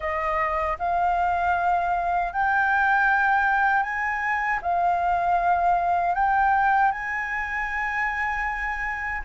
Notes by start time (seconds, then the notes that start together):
0.00 D#5
0.79 F5
2.33 G5
3.82 G#5
4.62 F5
6.15 G5
6.91 G#5